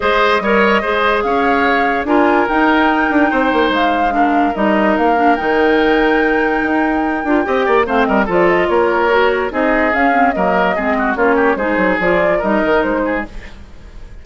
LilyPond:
<<
  \new Staff \with { instrumentName = "flute" } { \time 4/4 \tempo 4 = 145 dis''2. f''4~ | f''4 gis''4 g''2~ | g''4 f''2 dis''4 | f''4 g''2.~ |
g''2. f''8 dis''8 | d''8 dis''8 cis''2 dis''4 | f''4 dis''2 cis''4 | c''4 d''4 dis''4 c''4 | }
  \new Staff \with { instrumentName = "oboe" } { \time 4/4 c''4 cis''4 c''4 cis''4~ | cis''4 ais'2. | c''2 ais'2~ | ais'1~ |
ais'2 dis''8 d''8 c''8 ais'8 | a'4 ais'2 gis'4~ | gis'4 ais'4 gis'8 fis'8 f'8 g'8 | gis'2 ais'4. gis'8 | }
  \new Staff \with { instrumentName = "clarinet" } { \time 4/4 gis'4 ais'4 gis'2~ | gis'4 f'4 dis'2~ | dis'2 d'4 dis'4~ | dis'8 d'8 dis'2.~ |
dis'4. f'8 g'4 c'4 | f'2 fis'4 dis'4 | cis'8 c'8 ais4 c'4 cis'4 | dis'4 f'4 dis'2 | }
  \new Staff \with { instrumentName = "bassoon" } { \time 4/4 gis4 g4 gis4 cis'4~ | cis'4 d'4 dis'4. d'8 | c'8 ais8 gis2 g4 | ais4 dis2. |
dis'4. d'8 c'8 ais8 a8 g8 | f4 ais2 c'4 | cis'4 fis4 gis4 ais4 | gis8 fis8 f4 g8 dis8 gis4 | }
>>